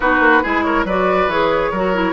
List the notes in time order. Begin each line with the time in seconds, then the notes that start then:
0.00 B3 D#4 F#4 B4
0.19 A#3
0.43 G#3 E4 G#4
0.62 A#4 C#5
0.84 F#3 F#4 B4 D5
1.26 E3 G#4 C#5
1.71 F#3 F#4 A#4
1.94 E4